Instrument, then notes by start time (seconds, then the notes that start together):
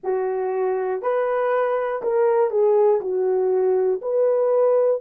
horn
0.03 F#4
1.02 B4
2.02 A#4
2.50 G#4
3.00 F#4
4.01 B4